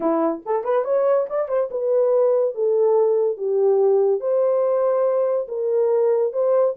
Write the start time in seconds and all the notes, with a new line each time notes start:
0.00 E4
0.45 A4
0.64 B4
0.84 C#5
1.29 D5
1.48 C5
1.70 B4
2.54 A4
3.37 G4
4.20 C5
5.48 A#4
6.32 C5